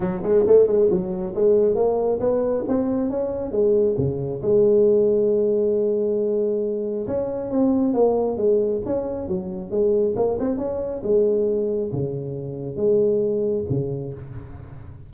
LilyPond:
\new Staff \with { instrumentName = "tuba" } { \time 4/4 \tempo 4 = 136 fis8 gis8 a8 gis8 fis4 gis4 | ais4 b4 c'4 cis'4 | gis4 cis4 gis2~ | gis1 |
cis'4 c'4 ais4 gis4 | cis'4 fis4 gis4 ais8 c'8 | cis'4 gis2 cis4~ | cis4 gis2 cis4 | }